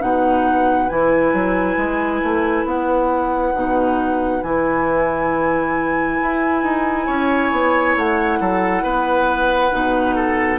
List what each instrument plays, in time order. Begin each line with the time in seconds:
0.00 bassoon B2, clarinet D#4, oboe B4, flute F#5
0.89 bassoon E3, clarinet E4, flute G#5
1.33 bassoon F#3
1.76 bassoon G#3
2.23 bassoon A3
2.65 bassoon B3, flute F#5
3.54 bassoon B2, clarinet D#4
4.42 bassoon E3, clarinet E4, flute G#5
6.22 bassoon E4
6.62 bassoon D#4
7.06 bassoon C#4, oboe C#5
7.51 bassoon B3
7.96 bassoon A3, flute F#5
8.40 bassoon F#3, oboe A4
8.83 bassoon B3, oboe B4
9.71 bassoon B2, clarinet D#4
10.15 oboe A4